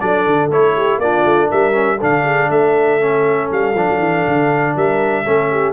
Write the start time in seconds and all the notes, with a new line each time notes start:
0.00 F#3 D4 A4 D5
0.27 D3
0.51 A3 E4 C#5
0.76 G4
0.98 A#3 D4 F4 D5
1.25 A3
1.49 G3 A#4 E5
1.73 C#4
1.97 D3 D4 A4 F5
2.24 G#4
2.49 A3 A4 E5
3.00 C#4
3.51 G3 F5
3.75 F3 D4
3.89 F#3
3.99 E3
4.27 D3
4.75 G3 A#4 E5
5.24 A3 C#4 A4
5.51 G4